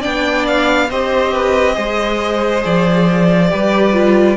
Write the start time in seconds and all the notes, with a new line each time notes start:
0.00 B3 D4 D5 G5
0.47 F5
0.90 C4 G4 C5 D#5
1.33 B4
1.74 G#3 G#4 C5
2.65 F3 D5
3.49 G3 G4 B4
3.93 F4